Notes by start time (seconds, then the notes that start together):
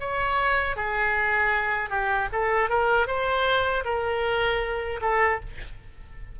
0.00 C#5
0.76 G#4
1.90 G4
2.32 A4
2.70 A#4
3.07 C5
3.85 A#4
5.01 A4